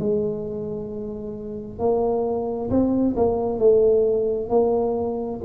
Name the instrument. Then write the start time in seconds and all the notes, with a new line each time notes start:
tuba
0.00 G#3
1.79 A#3
2.71 C4
3.17 A#3
3.60 A3
4.50 A#3